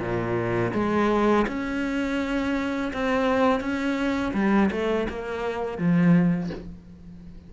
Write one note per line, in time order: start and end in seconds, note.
0.00 0.72 A#2
0.74 1.46 G#3
1.48 2.92 C#4
2.93 3.60 C4
3.60 4.33 C#4
4.34 4.70 G3
4.72 5.08 A3
5.10 5.78 A#3
5.78 6.50 F3